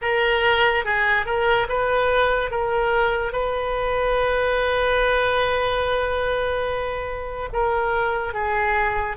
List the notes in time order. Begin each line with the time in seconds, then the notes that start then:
0.02 A#4
0.84 G#4
1.25 A#4
1.68 B4
2.50 A#4
3.32 B4
7.52 A#4
8.33 G#4